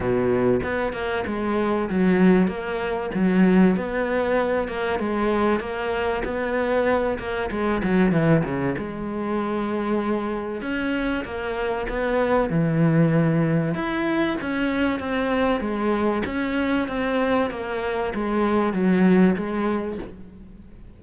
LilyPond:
\new Staff \with { instrumentName = "cello" } { \time 4/4 \tempo 4 = 96 b,4 b8 ais8 gis4 fis4 | ais4 fis4 b4. ais8 | gis4 ais4 b4. ais8 | gis8 fis8 e8 cis8 gis2~ |
gis4 cis'4 ais4 b4 | e2 e'4 cis'4 | c'4 gis4 cis'4 c'4 | ais4 gis4 fis4 gis4 | }